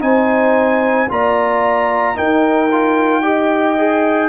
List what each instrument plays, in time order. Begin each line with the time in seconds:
0.00 tuba C4, trombone D#4, horn C5, trumpet G#5
1.09 tuba A#3, trombone F4, horn D5, trumpet A#5
2.15 trombone D#4, tuba D#4, horn A#4, trumpet G5
2.71 trombone F4
3.23 trombone G4, horn D#5
3.78 trombone G#4